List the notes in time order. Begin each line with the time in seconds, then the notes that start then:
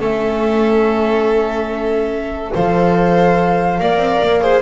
0.00 A3 C#4 A4 E5
2.52 F3 A4 C5 F5
3.80 A#3 A#4 D5
3.96 C4
4.22 A#3
4.40 G#4 C5